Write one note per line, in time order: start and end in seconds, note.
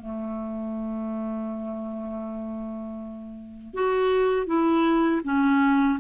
0.00 3.74 A3
3.74 4.47 F#4
4.47 5.22 E4
5.24 5.99 C#4